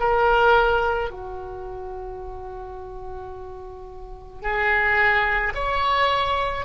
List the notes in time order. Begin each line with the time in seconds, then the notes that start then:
0.00 A#4
1.11 F#4
4.42 G#4
5.55 C#5